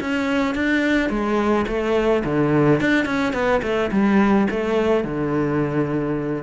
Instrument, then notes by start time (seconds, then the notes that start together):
cello
0.00 C#4
0.54 D4
1.09 G#3
1.67 A3
2.24 D3
2.80 D4
3.05 C#4
3.33 B3
3.62 A3
3.91 G3
4.50 A3
5.04 D3